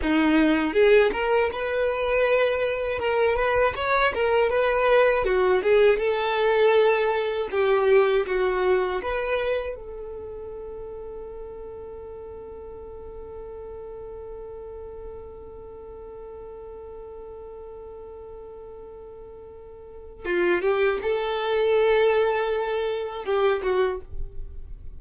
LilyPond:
\new Staff \with { instrumentName = "violin" } { \time 4/4 \tempo 4 = 80 dis'4 gis'8 ais'8 b'2 | ais'8 b'8 cis''8 ais'8 b'4 fis'8 gis'8 | a'2 g'4 fis'4 | b'4 a'2.~ |
a'1~ | a'1~ | a'2. f'8 g'8 | a'2. g'8 fis'8 | }